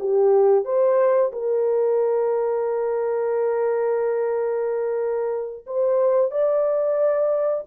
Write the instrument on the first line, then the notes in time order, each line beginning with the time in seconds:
horn
0.00 G4
0.65 C5
1.33 A#4
5.67 C5
6.32 D5